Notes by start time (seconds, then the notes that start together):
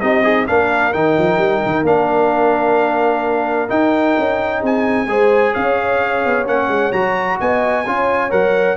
0.00 C4 D#4 G4 D#5
0.23 D#4 G#4
0.47 A#3 D4 A#4 F5
0.93 D#3 D#4 G5
1.18 F3
1.38 G3
1.66 D#3
1.83 A#3 D4 F5
3.69 D#4 G5
4.18 C#4
4.60 C4 G#4 G#5
5.07 G#3 G#4 C5
5.53 C#4 C#5 F5
6.25 B3
6.46 A#3 C#4 F#5
6.68 G#3
6.92 F#3 F#4 A#5
7.40 B3 D#5 G#5
7.86 C#4 F4 C#5
8.30 F#3 A#4 F#5